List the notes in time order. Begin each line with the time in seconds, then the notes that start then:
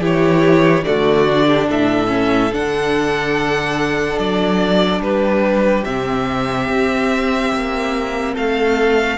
0.00 E3 E4 G4 C#5
0.84 D3 A3 F#4 D5
1.28 D4
1.47 G4
1.68 A2 A4 E5
2.07 C#4
2.52 D3 D4 F#5
4.18 F#3 D5
4.99 G3 G4 B4
5.84 C3 C4 E5
6.69 C4
7.52 A#3
8.33 A3 A4 F5